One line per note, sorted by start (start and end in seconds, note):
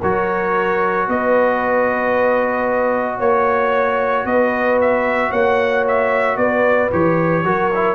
0.00 1.07 F#3
0.00 6.91 F#4
0.00 1.06 A#4
0.00 1.09 C#5
1.07 3.19 B3
1.07 3.17 B4
1.07 3.20 D#5
3.17 4.25 A#3
3.17 4.23 C#5
3.17 4.26 C#5
4.25 5.31 B3
4.25 5.30 B4
4.25 4.79 D#5
4.81 5.32 E5
5.30 6.37 A#3
5.30 6.36 C#5
5.30 5.85 F#5
5.88 6.37 E5
6.37 6.90 B3
6.37 7.44 B4
6.37 6.90 D5
6.91 7.44 E3
6.91 7.44 G4
6.91 7.95 C#5
7.44 7.95 F#3
7.44 7.71 F#4
7.44 7.95 A#4
7.74 7.95 E4